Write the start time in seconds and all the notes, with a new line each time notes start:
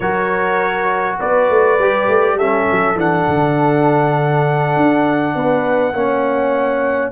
0.00 F#3 F#4 A#4 C#5
1.18 B3 B4 D5
1.49 A3
1.78 G3 G4
2.08 A3
2.35 G3 C#4 A4 E5
2.71 F#3
2.95 E3 D4 F#5
3.28 D3
4.76 D4
5.35 B3 B4
5.92 A#3 C#4 C#5